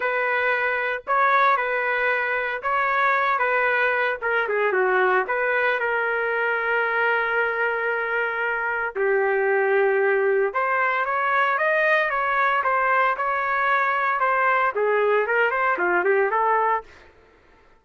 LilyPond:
\new Staff \with { instrumentName = "trumpet" } { \time 4/4 \tempo 4 = 114 b'2 cis''4 b'4~ | b'4 cis''4. b'4. | ais'8 gis'8 fis'4 b'4 ais'4~ | ais'1~ |
ais'4 g'2. | c''4 cis''4 dis''4 cis''4 | c''4 cis''2 c''4 | gis'4 ais'8 c''8 f'8 g'8 a'4 | }